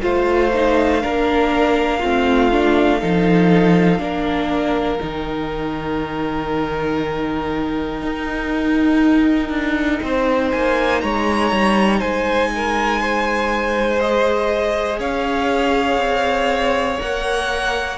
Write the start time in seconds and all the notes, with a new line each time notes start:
0.00 A3 F4 C5 F5
0.54 D#4
1.01 A#3 D4 A#4
1.99 A3 C4 F4
2.52 D4
3.01 F3 D#4 A4
3.99 A#3 D4 A#4
5.00 D#3 D#4 G5
8.02 D#4
9.50 D4
10.03 C4 C5
10.51 A#3 G#5
11.01 G#3 C#5 A#5
11.52 G3
11.99 G#3 C5 G#5
12.55 A#4
13.01 C5
14.00 G#4 D#5
14.99 C#4 C#5 F5
15.98 C4
17.00 A#3 A#4 F#5